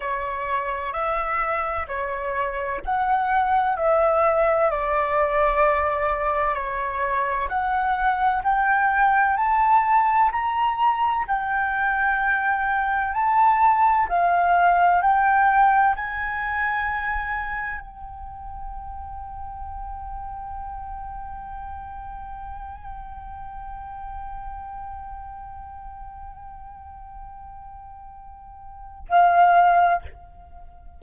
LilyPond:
\new Staff \with { instrumentName = "flute" } { \time 4/4 \tempo 4 = 64 cis''4 e''4 cis''4 fis''4 | e''4 d''2 cis''4 | fis''4 g''4 a''4 ais''4 | g''2 a''4 f''4 |
g''4 gis''2 g''4~ | g''1~ | g''1~ | g''2. f''4 | }